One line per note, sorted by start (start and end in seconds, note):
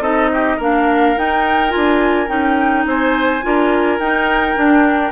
0.00 0.57 C4
0.00 0.59 D#4
0.00 0.30 A4
0.00 0.59 D#5
0.34 0.57 G4
0.57 1.16 A#3
0.57 1.17 D4
0.57 2.83 A#4
0.57 1.18 F5
1.17 1.70 D#4
1.17 1.74 D#4
1.17 1.71 G5
1.70 2.27 F4
1.70 2.28 G#5
1.76 2.29 D4
2.27 2.85 C#4
2.27 3.40 D#4
2.27 2.85 G5
2.86 3.42 C4
2.86 3.45 C5
2.86 3.99 G#5
3.43 3.99 D4
3.43 3.99 F4
3.43 5.12 A#4
3.99 4.56 D#4
3.99 5.12 G5
4.56 5.12 D4